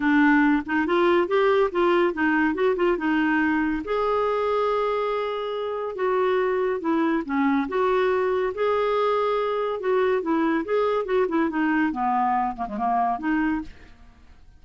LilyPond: \new Staff \with { instrumentName = "clarinet" } { \time 4/4 \tempo 4 = 141 d'4. dis'8 f'4 g'4 | f'4 dis'4 fis'8 f'8 dis'4~ | dis'4 gis'2.~ | gis'2 fis'2 |
e'4 cis'4 fis'2 | gis'2. fis'4 | e'4 gis'4 fis'8 e'8 dis'4 | b4. ais16 gis16 ais4 dis'4 | }